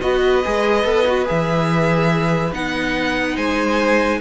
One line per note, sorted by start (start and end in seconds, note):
0.00 0.44 B3
0.00 0.42 F#4
0.00 3.36 B4
0.00 1.27 D#5
0.44 0.84 G#3
0.44 0.85 G#4
0.84 1.26 B3
0.84 1.06 A4
1.07 1.25 F#4
1.25 2.52 E3
1.25 2.51 G#4
1.25 2.53 E5
2.52 3.36 B3
2.52 4.20 D#4
2.52 3.37 F#5
3.36 4.21 G#3
3.36 4.19 C5
3.36 4.20 G#5